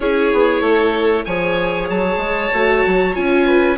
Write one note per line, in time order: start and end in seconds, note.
0.00 0.32 C#4
0.00 1.26 E4
0.00 0.61 G#4
0.00 1.25 C#5
0.32 0.61 B3
0.61 1.24 A3
0.61 1.24 A4
1.25 1.89 F3
1.25 2.52 G#4
1.25 3.46 C#5
1.25 1.88 G#5
1.89 2.17 F#3
1.89 3.15 A5
2.17 2.48 G#3
2.53 2.84 A3
2.53 3.13 F#4
2.86 3.16 F#3
3.13 3.78 C#4
3.13 3.76 F4
3.13 3.78 G#5
3.46 3.77 B4